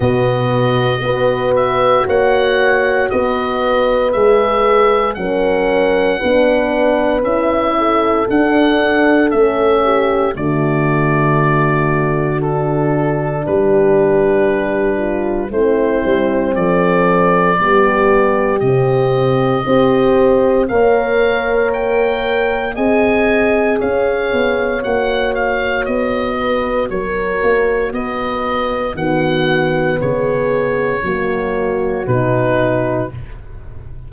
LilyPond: <<
  \new Staff \with { instrumentName = "oboe" } { \time 4/4 \tempo 4 = 58 dis''4. e''8 fis''4 dis''4 | e''4 fis''2 e''4 | fis''4 e''4 d''2 | a'4 b'2 c''4 |
d''2 dis''2 | f''4 g''4 gis''4 f''4 | fis''8 f''8 dis''4 cis''4 dis''4 | fis''4 cis''2 b'4 | }
  \new Staff \with { instrumentName = "horn" } { \time 4/4 fis'4 b'4 cis''4 b'4~ | b'4 ais'4 b'4. a'8~ | a'4. g'8 fis'2~ | fis'4 g'4. f'8 e'4 |
a'4 g'2 c''4 | cis''2 dis''4 cis''4~ | cis''4. b'8 ais'4 b'4 | fis'4 gis'4 fis'2 | }
  \new Staff \with { instrumentName = "horn" } { \time 4/4 b4 fis'2. | gis'4 cis'4 d'4 e'4 | d'4 cis'4 a2 | d'2. c'4~ |
c'4 b4 c'4 g'4 | ais'2 gis'2 | fis'1 | b2 ais4 dis'4 | }
  \new Staff \with { instrumentName = "tuba" } { \time 4/4 b,4 b4 ais4 b4 | gis4 fis4 b4 cis'4 | d'4 a4 d2~ | d4 g2 a8 g8 |
f4 g4 c4 c'4 | ais2 c'4 cis'8 b8 | ais4 b4 fis8 ais8 b4 | dis4 cis4 fis4 b,4 | }
>>